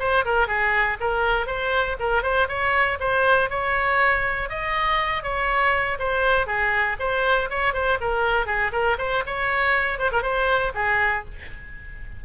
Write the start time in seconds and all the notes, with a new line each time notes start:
0.00 C5
0.26 A#4
0.48 G#4
1.01 A#4
1.47 C5
2.00 A#4
2.23 C5
2.49 C#5
3.00 C5
3.50 C#5
4.50 D#5
5.24 C#5
5.99 C5
6.47 G#4
7.00 C5
7.50 C#5
7.74 C5
8.01 A#4
8.47 G#4
8.72 A#4
8.99 C5
9.27 C#5
9.99 C5
10.12 A#4
10.22 C5
10.75 G#4